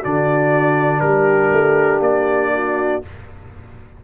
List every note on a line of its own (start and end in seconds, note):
0.00 1.01 D3
0.00 3.03 D4
0.00 1.00 F#4
0.00 1.00 D5
1.00 1.51 G3
1.00 2.53 G4
1.00 2.00 A#4
1.52 1.99 A3
1.99 2.99 A#3
1.99 3.02 D5
2.54 3.04 F#4